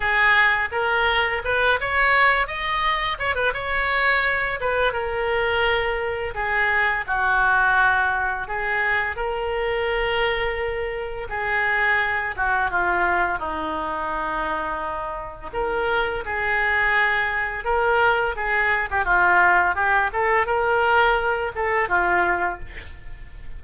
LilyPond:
\new Staff \with { instrumentName = "oboe" } { \time 4/4 \tempo 4 = 85 gis'4 ais'4 b'8 cis''4 dis''8~ | dis''8 cis''16 b'16 cis''4. b'8 ais'4~ | ais'4 gis'4 fis'2 | gis'4 ais'2. |
gis'4. fis'8 f'4 dis'4~ | dis'2 ais'4 gis'4~ | gis'4 ais'4 gis'8. g'16 f'4 | g'8 a'8 ais'4. a'8 f'4 | }